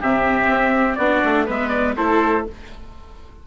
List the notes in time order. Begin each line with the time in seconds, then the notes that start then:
0.00 C3 C4 G4 E5
0.48 C4
0.95 B3 D4 F#4 D5
1.24 A3
1.46 G#3 B3 B4 E5
1.69 D5
1.96 A3 E4 A4 C5